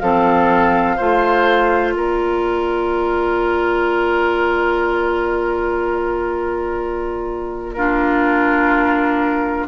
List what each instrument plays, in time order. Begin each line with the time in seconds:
0.00 bassoon F3, clarinet C4, oboe A4, flute F5
0.97 bassoon A3, clarinet F4, oboe C5
1.94 bassoon A#3, oboe A#4, flute D5
7.73 clarinet D4, oboe F4, flute A#4